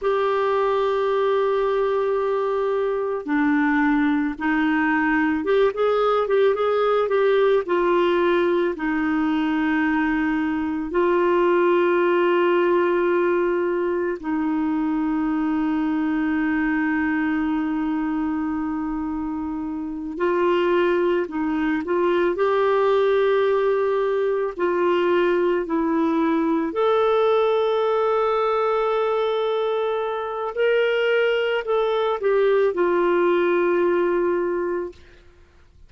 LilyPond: \new Staff \with { instrumentName = "clarinet" } { \time 4/4 \tempo 4 = 55 g'2. d'4 | dis'4 g'16 gis'8 g'16 gis'8 g'8 f'4 | dis'2 f'2~ | f'4 dis'2.~ |
dis'2~ dis'8 f'4 dis'8 | f'8 g'2 f'4 e'8~ | e'8 a'2.~ a'8 | ais'4 a'8 g'8 f'2 | }